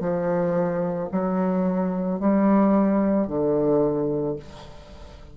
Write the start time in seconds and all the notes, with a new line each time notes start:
0.00 F3
1.12 F#3
2.20 G3
3.27 D3